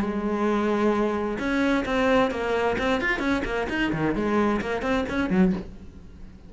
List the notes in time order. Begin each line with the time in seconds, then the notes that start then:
0.00 G#3
1.38 C#4
1.85 C4
2.30 A#3
2.78 C4
3.00 F4
3.19 C#4
3.44 A#3
3.69 D#4
3.92 D#3
4.15 G#3
4.61 A#3
4.82 C4
5.09 C#4
5.30 F#3